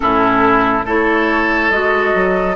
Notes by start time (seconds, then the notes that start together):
0.00 A2 C#4 E4 A4
0.84 A3 E4 A4 C#5
1.70 G#3 F#4 D#5
2.14 F#3